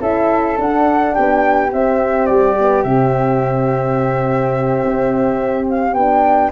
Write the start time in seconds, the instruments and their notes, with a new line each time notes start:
0.00 tuba C#4, horn E4, flute A4 E5
0.58 tuba D4, horn D4, flute F#5
1.13 tuba B3, flute G4 G5
1.71 horn C4, tuba C4, flute E5
2.25 tuba G3, flute D5
2.58 horn B3
2.83 tuba C3, horn C4, flute E5
4.84 tuba C4
5.69 flute F5
5.93 tuba B3, horn D4, flute G5